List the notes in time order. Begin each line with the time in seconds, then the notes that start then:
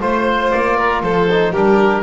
0.00 A3 F4 C5
0.51 A#3 D5
0.76 A#4
1.02 F3 A4 C5
1.30 D#4
1.51 G3 D4 G4 A#4